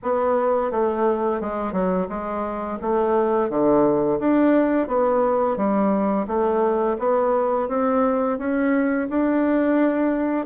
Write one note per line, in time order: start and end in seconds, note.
0.03 0.71 B3
0.71 1.40 A3
1.40 1.72 G#3
1.72 2.07 F#3
2.08 2.78 G#3
2.81 3.49 A3
3.49 4.19 D3
4.19 4.87 D4
4.87 5.57 B3
5.57 6.26 G3
6.27 6.96 A3
6.99 7.68 B3
7.68 8.38 C4
8.38 9.08 C#4
9.09 10.46 D4